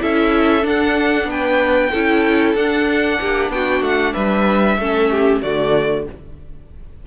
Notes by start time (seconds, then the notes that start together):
0.00 C#4 E4 A4 E5
0.62 D4 F#5
1.25 B3 B4 G5
1.91 C#4 E4 A4
2.55 D4 F#5
3.20 A#3 G4
3.49 B3 F#4 G5
3.81 A3 F#5
4.14 G3 B4 E5
4.77 A3 C#4 A4
5.11 G4
5.42 D3 A3 F#4 D5